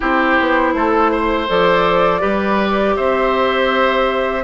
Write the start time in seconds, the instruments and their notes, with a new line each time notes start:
0.00 bassoon C4, clarinet E4, oboe G4, flute C5
0.40 bassoon B3
0.73 bassoon A3, oboe A4
1.11 oboe C5
1.47 bassoon F3, clarinet A4, flute D5
2.20 bassoon G3, clarinet G4, oboe B4
2.96 bassoon C4, oboe C5, flute E5